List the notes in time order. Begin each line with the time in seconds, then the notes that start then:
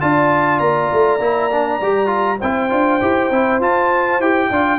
0.00 D4 F4 D5 A5
0.59 A#3 A#5
0.93 A3
1.19 A#3 E4
1.51 D4
1.81 G3 G4
2.07 F4
2.39 C4 E4 C5 G5
2.70 D4 F4
3.01 E4 G4
3.31 C4 E4
3.60 F4 A5
4.20 E4 G4 G5
4.49 D4 F4 D5